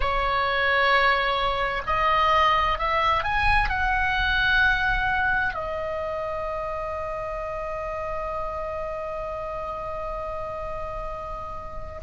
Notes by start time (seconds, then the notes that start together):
0.00 C#5
1.86 D#5
2.78 E5
3.23 G#5
3.69 F#5
5.54 D#5